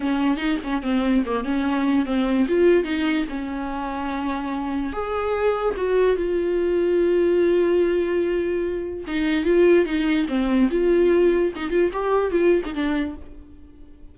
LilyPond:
\new Staff \with { instrumentName = "viola" } { \time 4/4 \tempo 4 = 146 cis'4 dis'8 cis'8 c'4 ais8 cis'8~ | cis'4 c'4 f'4 dis'4 | cis'1 | gis'2 fis'4 f'4~ |
f'1~ | f'2 dis'4 f'4 | dis'4 c'4 f'2 | dis'8 f'8 g'4 f'8. dis'16 d'4 | }